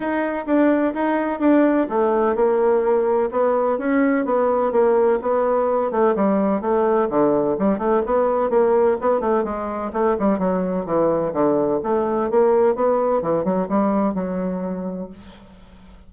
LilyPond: \new Staff \with { instrumentName = "bassoon" } { \time 4/4 \tempo 4 = 127 dis'4 d'4 dis'4 d'4 | a4 ais2 b4 | cis'4 b4 ais4 b4~ | b8 a8 g4 a4 d4 |
g8 a8 b4 ais4 b8 a8 | gis4 a8 g8 fis4 e4 | d4 a4 ais4 b4 | e8 fis8 g4 fis2 | }